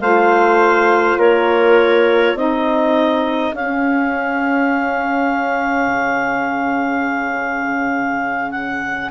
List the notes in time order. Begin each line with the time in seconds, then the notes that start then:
0.00 A3 F4 C5 F5
1.18 A#3 A#4 C#5
2.35 C4 D#4 G#4 D#5
3.53 C#4 F5
5.88 C#3
8.51 F#5